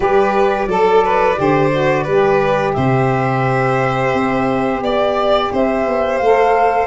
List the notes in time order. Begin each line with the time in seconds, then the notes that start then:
0.00 G3 G4 B4 D5
0.66 F#3 A4
1.04 B4
1.35 D3 G4 C5
1.71 F#4
2.03 G3 B4
2.10 G4
2.73 C3 C5 E5
4.13 C4
4.81 B3 D5
5.52 C4 C5 E5
5.86 B3
6.17 A3 A4 F5